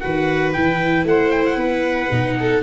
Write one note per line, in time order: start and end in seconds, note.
0.00 0.57 D#3
0.00 0.53 F#4
0.00 1.08 B4
0.00 0.52 F#5
0.53 1.04 E3
0.53 2.11 E4
0.53 1.05 G5
1.04 1.56 A3
1.04 1.58 C5
1.04 1.32 F#5
1.32 1.45 G5
1.46 2.63 F#5
1.56 2.08 B3
1.56 2.36 B4
2.11 2.63 B2
2.11 2.63 D#4
2.40 2.63 A4